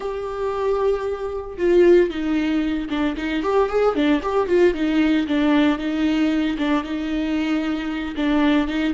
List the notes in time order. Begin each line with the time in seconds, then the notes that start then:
0.00 G4
1.57 F4
2.10 D#4
2.89 D4
3.16 D#4
3.42 G4
3.69 G#4
3.95 D4
4.22 G4
4.47 F4
4.74 D#4
5.27 D4
5.78 D#4
6.58 D4
6.83 D#4
8.16 D4
8.67 D#4